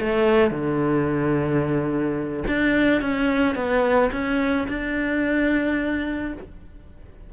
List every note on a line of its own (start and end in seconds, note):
0.00 0.51 A3
0.51 2.44 D3
2.48 3.02 D4
3.02 3.56 C#4
3.56 4.11 B3
4.12 4.67 C#4
4.69 6.34 D4